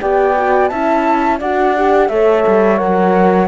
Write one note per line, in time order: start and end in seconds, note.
0.00 0.71 B3
0.00 0.35 G4
0.00 0.70 D5
0.00 0.68 G5
0.37 0.71 F#4
0.68 1.41 C#4
0.68 1.41 E4
0.68 1.39 E5
0.68 1.37 A5
1.39 2.09 D4
1.39 1.76 F#4
1.39 2.08 D5
1.39 2.09 F#5
1.76 2.10 G4
2.09 2.44 A3
2.09 2.78 A4
2.09 3.48 C#5
2.09 2.78 E5
2.47 2.81 G3
2.78 3.48 F#3
2.78 3.48 A#4
2.78 3.48 F#5